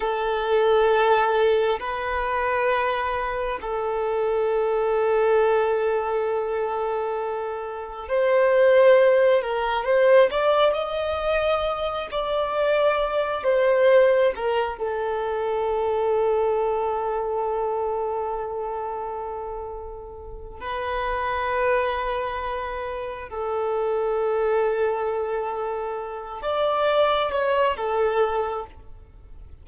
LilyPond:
\new Staff \with { instrumentName = "violin" } { \time 4/4 \tempo 4 = 67 a'2 b'2 | a'1~ | a'4 c''4. ais'8 c''8 d''8 | dis''4. d''4. c''4 |
ais'8 a'2.~ a'8~ | a'2. b'4~ | b'2 a'2~ | a'4. d''4 cis''8 a'4 | }